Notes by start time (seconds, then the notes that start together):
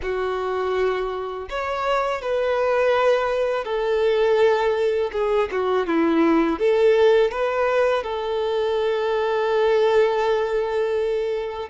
0.02 F#4
1.49 C#5
2.21 B4
3.64 A4
5.12 G#4
5.51 F#4
5.87 E4
6.59 A4
7.31 B4
8.03 A4